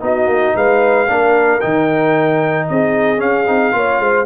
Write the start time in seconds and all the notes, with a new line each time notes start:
0.00 B3 D#4 F#4 D#5
0.26 A#3
0.55 G#3 B4 F5
1.07 A#3 D4 A#4
1.60 D#3 D#4 G5
2.68 C4 G#4 D#5
3.18 C#4 F5
3.47 C4 D#4
3.72 A#3 F4 C#5
3.99 G#3 C5